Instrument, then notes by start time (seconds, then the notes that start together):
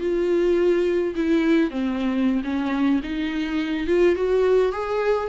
viola
0.00 F4
1.15 E4
1.70 C4
2.43 C#4
3.03 D#4
3.86 F4
4.15 F#4
4.72 G#4